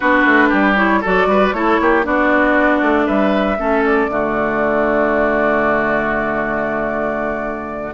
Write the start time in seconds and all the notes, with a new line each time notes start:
0.00 B3 D4 F#4 B4
0.25 A3
0.48 G3 G4
0.76 E4 C#5
1.00 F#3 F#4 A4 D5
1.26 G3 B4
1.52 A3 E4 A4 C#5
1.80 A#3 G4
2.03 B3 D4 F#4 D5
2.81 A3
3.06 G3 B4 E5
3.57 A3 C#4 A4
3.85 D5
4.07 D3 A3 F#4